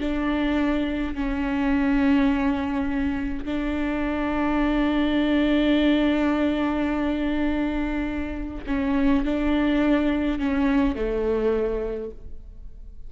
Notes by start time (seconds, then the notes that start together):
0.00 D4
1.15 C#4
3.45 D4
8.67 C#4
9.25 D4
10.40 C#4
10.96 A3